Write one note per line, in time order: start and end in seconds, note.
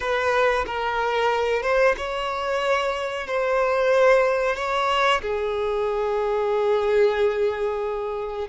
0.00 0.65 B4
0.66 1.62 A#4
1.62 1.95 C5
1.97 3.27 C#5
3.27 4.56 C5
4.56 5.21 C#5
5.21 8.48 G#4